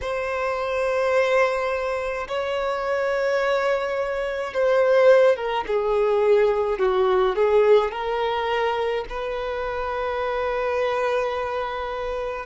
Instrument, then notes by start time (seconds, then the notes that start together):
violin
0.01 C5
2.27 C#5
4.53 C5
5.36 A#4
5.67 G#4
6.79 F#4
7.35 G#4
7.91 A#4
9.09 B4